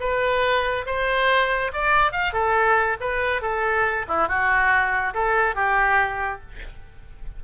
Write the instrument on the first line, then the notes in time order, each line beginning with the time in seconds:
oboe
0.00 B4
0.86 C5
1.73 D5
2.12 F5
2.33 A4
3.00 B4
3.42 A4
4.08 E4
4.28 F#4
5.14 A4
5.55 G4